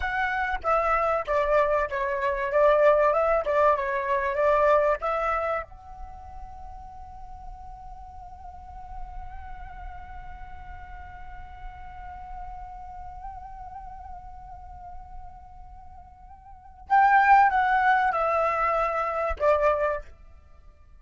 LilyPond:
\new Staff \with { instrumentName = "flute" } { \time 4/4 \tempo 4 = 96 fis''4 e''4 d''4 cis''4 | d''4 e''8 d''8 cis''4 d''4 | e''4 fis''2.~ | fis''1~ |
fis''1~ | fis''1~ | fis''2. g''4 | fis''4 e''2 d''4 | }